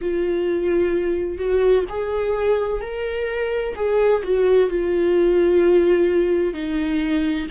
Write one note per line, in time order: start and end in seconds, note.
0.01 1.38 F4
1.38 1.85 F#4
1.89 2.81 G#4
2.81 3.75 A#4
3.75 4.22 G#4
4.23 4.69 F#4
4.69 6.53 F4
6.53 7.47 D#4